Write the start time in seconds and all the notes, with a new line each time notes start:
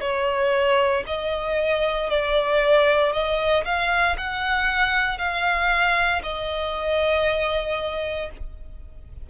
0.00 C#5
1.06 D#5
2.09 D5
3.12 D#5
3.64 F5
4.17 F#5
5.18 F5
6.23 D#5